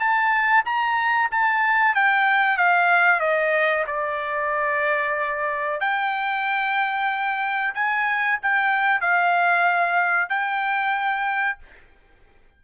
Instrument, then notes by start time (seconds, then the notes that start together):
trumpet
0.00 A5
0.66 A#5
1.32 A5
1.95 G5
2.57 F5
3.21 D#5
3.87 D5
5.81 G5
7.74 G#5
8.43 G5
9.01 F5
10.30 G5